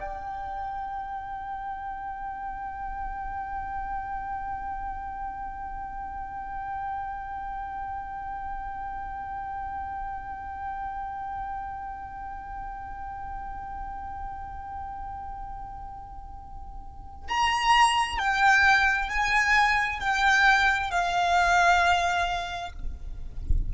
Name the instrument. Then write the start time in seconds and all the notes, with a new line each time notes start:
violin
0.00 G5
17.28 A#5
18.19 G5
19.09 G#5
20.00 G5
20.90 F5